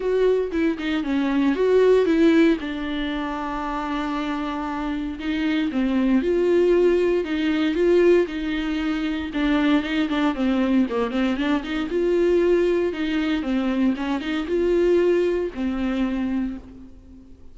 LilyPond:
\new Staff \with { instrumentName = "viola" } { \time 4/4 \tempo 4 = 116 fis'4 e'8 dis'8 cis'4 fis'4 | e'4 d'2.~ | d'2 dis'4 c'4 | f'2 dis'4 f'4 |
dis'2 d'4 dis'8 d'8 | c'4 ais8 c'8 d'8 dis'8 f'4~ | f'4 dis'4 c'4 cis'8 dis'8 | f'2 c'2 | }